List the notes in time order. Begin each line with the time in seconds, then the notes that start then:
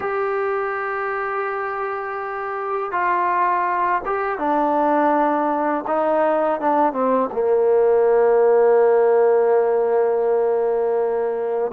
0.00 G4
2.91 F4
4.05 G4
4.38 D4
5.87 D#4
6.60 D4
6.92 C4
7.32 A#3